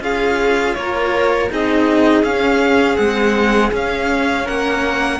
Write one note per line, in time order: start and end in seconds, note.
0.00 0.74 C#4
0.00 1.49 F4
0.00 0.76 G#4
0.00 0.75 F5
0.75 1.50 A#3
0.75 1.52 A#4
0.75 1.49 C#5
1.49 2.23 C4
1.49 2.23 D#4
1.49 4.44 G#4
1.49 2.24 D#5
2.23 2.97 C#4
2.23 2.95 C#4
2.23 2.96 F5
2.95 3.72 G#3
2.95 3.69 C4
2.95 3.70 F#5
3.72 5.19 C#4
3.72 4.47 C#4
3.72 4.47 F5
4.44 5.19 A#3
4.44 5.18 A#4
4.44 5.19 F#5